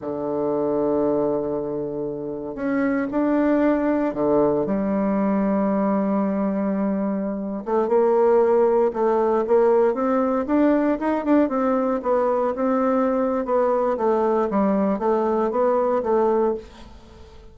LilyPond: \new Staff \with { instrumentName = "bassoon" } { \time 4/4 \tempo 4 = 116 d1~ | d4 cis'4 d'2 | d4 g2.~ | g2~ g8. a8 ais8.~ |
ais4~ ais16 a4 ais4 c'8.~ | c'16 d'4 dis'8 d'8 c'4 b8.~ | b16 c'4.~ c'16 b4 a4 | g4 a4 b4 a4 | }